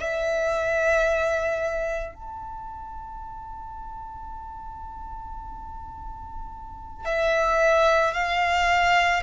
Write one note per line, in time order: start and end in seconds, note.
0.00 2.15 E5
2.15 7.05 A5
7.05 8.14 E5
8.14 9.23 F5